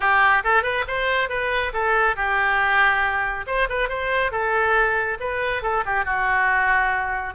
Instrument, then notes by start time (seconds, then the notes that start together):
oboe
0.00 G4
0.44 A4
0.62 B4
0.87 C5
1.29 B4
1.73 A4
2.16 G4
3.46 C5
3.69 B4
3.88 C5
4.31 A4
5.20 B4
5.62 A4
5.85 G4
6.04 F#4